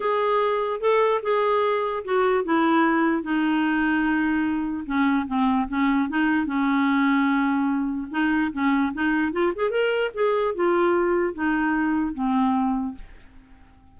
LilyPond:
\new Staff \with { instrumentName = "clarinet" } { \time 4/4 \tempo 4 = 148 gis'2 a'4 gis'4~ | gis'4 fis'4 e'2 | dis'1 | cis'4 c'4 cis'4 dis'4 |
cis'1 | dis'4 cis'4 dis'4 f'8 gis'8 | ais'4 gis'4 f'2 | dis'2 c'2 | }